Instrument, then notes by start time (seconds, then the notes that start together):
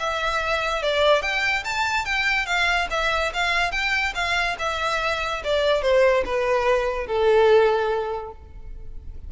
violin
0.00 E5
0.83 D5
1.22 G5
1.65 A5
2.05 G5
2.46 F5
2.91 E5
3.34 F5
3.72 G5
4.15 F5
4.59 E5
5.45 D5
5.82 C5
6.25 B4
7.07 A4